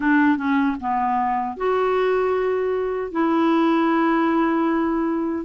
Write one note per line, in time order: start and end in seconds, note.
0.00 0.37 D4
0.37 0.76 C#4
0.80 1.57 B3
1.57 3.11 F#4
3.11 5.45 E4